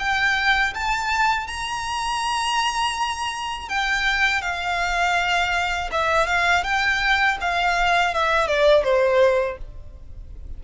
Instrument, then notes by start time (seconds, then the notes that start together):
violin
0.00 G5
0.75 A5
1.48 A#5
3.69 G5
4.42 F5
5.92 E5
6.27 F5
6.64 G5
7.41 F5
8.14 E5
8.47 D5
8.84 C5